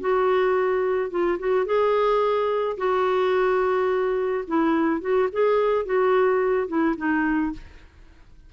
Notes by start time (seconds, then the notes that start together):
0.00 F#4
1.10 F4
1.38 F#4
1.65 G#4
2.77 F#4
4.47 E4
5.01 F#4
5.32 G#4
5.85 F#4
6.67 E4
6.97 D#4